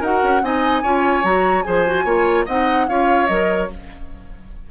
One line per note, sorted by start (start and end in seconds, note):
0.00 0.21 D#4
0.00 0.42 F#4
0.00 0.41 A#4
0.00 0.44 F#5
0.23 0.42 C#4
0.42 0.83 C4
0.42 0.83 D#4
0.42 0.82 D#5
0.42 1.25 G#5
0.82 1.23 C#4
0.82 1.23 F4
0.82 1.64 C#5
1.23 1.64 F#3
1.23 1.64 F#4
1.23 1.63 A#5
1.63 2.05 F3
1.63 1.85 G#4
1.63 2.04 C5
1.63 2.44 G#5
1.87 2.06 F#4
2.04 2.45 A#3
2.04 2.46 F4
2.04 2.45 C#5
2.45 2.88 C4
2.45 2.88 D#4
2.45 2.86 D#5
2.45 2.88 F#5
2.88 3.29 C#4
2.88 3.28 F4
2.88 3.71 C#5
2.88 3.27 F5
3.27 3.70 F#3
3.27 3.69 A#4
3.27 3.68 D#5